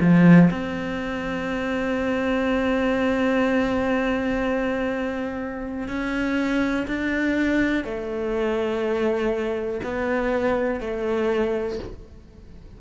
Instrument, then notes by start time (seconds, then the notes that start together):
cello
0.00 F3
0.50 C4
5.88 C#4
6.87 D4
7.84 A3
9.83 B3
10.81 A3